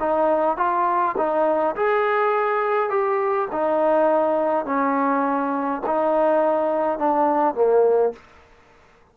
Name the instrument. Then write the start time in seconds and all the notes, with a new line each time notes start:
trombone
0.00 D#4
0.57 F4
1.18 D#4
1.76 G#4
2.90 G4
3.52 D#4
4.66 C#4
5.86 D#4
6.99 D4
7.55 A#3